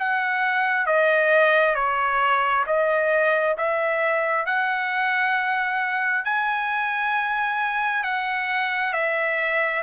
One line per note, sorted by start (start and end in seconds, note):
0.00 0.87 F#5
0.87 1.75 D#5
1.75 2.65 C#5
2.67 3.57 D#5
3.58 4.46 E5
4.46 6.25 F#5
6.25 8.04 G#5
8.04 8.93 F#5
8.93 9.83 E5